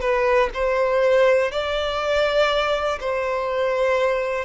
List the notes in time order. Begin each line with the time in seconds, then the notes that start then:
0.00 B4
0.54 C5
1.51 D5
3.00 C5